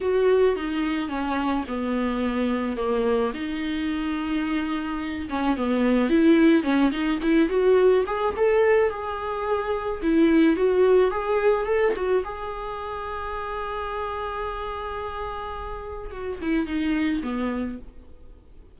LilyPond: \new Staff \with { instrumentName = "viola" } { \time 4/4 \tempo 4 = 108 fis'4 dis'4 cis'4 b4~ | b4 ais4 dis'2~ | dis'4. cis'8 b4 e'4 | cis'8 dis'8 e'8 fis'4 gis'8 a'4 |
gis'2 e'4 fis'4 | gis'4 a'8 fis'8 gis'2~ | gis'1~ | gis'4 fis'8 e'8 dis'4 b4 | }